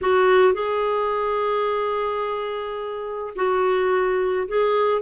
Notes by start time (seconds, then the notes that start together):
0.01 F#4
0.53 G#4
3.35 F#4
4.48 G#4